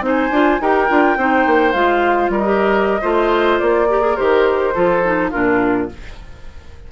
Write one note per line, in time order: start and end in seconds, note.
0.00 0.29 C4
0.00 0.30 D#4
0.00 0.61 C5
0.07 0.62 G#5
0.30 0.59 D4
0.30 0.61 F4
0.60 0.89 D#4
0.60 0.88 G4
0.60 1.18 A#4
0.60 1.72 G5
0.88 1.17 D4
0.88 1.17 F4
1.17 1.45 C4
1.17 1.73 D#4
1.17 2.31 C5
1.46 1.74 A#3
1.72 2.29 G#3
1.72 2.43 F4
1.72 2.29 F5
2.29 3.00 G3
2.29 3.01 A#4
2.36 3.59 D#5
2.43 3.01 G4
3.01 3.60 A3
3.01 3.87 F4
3.01 3.87 C5
3.59 4.18 A#3
3.59 4.16 D5
3.89 4.01 G4
3.89 4.74 A#4
4.01 4.15 G#4
4.16 4.75 D#3
4.16 4.74 G4
4.16 5.31 C5
4.74 5.32 F3
4.74 5.03 F4
4.74 5.30 A4
5.03 5.32 D#4
5.30 5.91 A#2
5.30 5.89 D4
5.30 5.87 F4
5.30 5.88 A#4